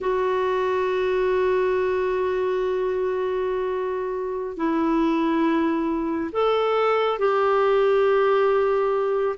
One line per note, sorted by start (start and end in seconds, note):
0.00 4.57 F#4
4.57 6.30 E4
6.32 7.18 A4
7.18 9.36 G4